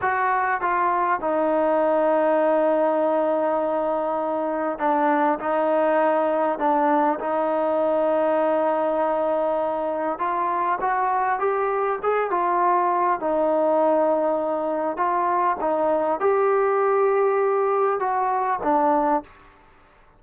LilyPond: \new Staff \with { instrumentName = "trombone" } { \time 4/4 \tempo 4 = 100 fis'4 f'4 dis'2~ | dis'1 | d'4 dis'2 d'4 | dis'1~ |
dis'4 f'4 fis'4 g'4 | gis'8 f'4. dis'2~ | dis'4 f'4 dis'4 g'4~ | g'2 fis'4 d'4 | }